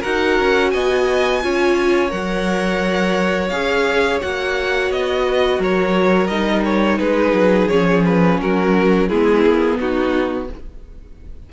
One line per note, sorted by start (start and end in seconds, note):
0.00 0.39 D#4
0.00 1.42 F#4
0.00 0.70 A#4
0.00 0.70 F#5
0.39 0.73 C#4
0.70 1.43 B3
0.70 1.43 D#5
0.70 2.10 G#5
1.42 2.11 C#4
1.42 2.09 F4
1.42 5.24 C#5
2.09 3.51 F#3
2.09 3.48 A#4
2.09 3.49 F#5
3.49 4.21 C#4
3.49 4.20 G#4
3.49 4.18 F5
4.20 4.90 A#3
4.20 6.29 F#4
4.20 4.91 F#5
4.90 5.58 B3
4.90 5.61 D#5
5.24 5.59 B4
5.58 6.28 F#3
5.58 6.98 A#4
5.58 6.27 C#5
6.27 6.98 G3
6.27 7.69 D#4
6.27 6.62 D#5
6.64 6.98 C#5
6.98 7.32 G#3
6.98 8.38 G#4
6.98 7.68 B4
7.32 7.67 F#3
7.68 8.41 F3
7.68 9.09 C#4
7.68 8.02 C#5
8.05 8.40 B4
8.40 9.10 F#3
8.40 9.08 F#4
8.40 9.08 A#4
9.08 9.45 G#3
9.08 10.52 B3
9.08 9.78 E4
9.08 9.78 G#4
9.46 9.79 A#3
9.79 10.49 B3
9.79 10.49 D#4
9.79 10.50 F#4